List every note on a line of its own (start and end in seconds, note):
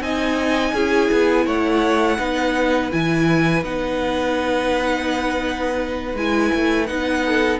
0.00 0.72 C4
0.00 0.74 D#4
0.00 0.73 D#5
0.00 1.46 G#5
0.73 1.09 C#4
0.73 2.18 E4
0.73 1.45 G#4
1.11 1.46 B3
1.45 2.19 A3
1.45 2.18 C#5
1.45 2.91 F#5
2.18 2.91 B3
2.18 2.90 D#4
2.18 7.24 B4
2.91 3.63 E3
2.91 3.64 E4
2.91 3.63 G#5
3.63 6.14 B3
3.63 6.17 D#4
3.63 6.16 F#5
6.14 6.50 G#3
6.14 6.87 E4
6.14 6.86 G#5
6.55 6.90 A3
6.86 7.59 B3
6.86 7.59 D#4
6.86 7.59 F#5
7.24 7.59 A4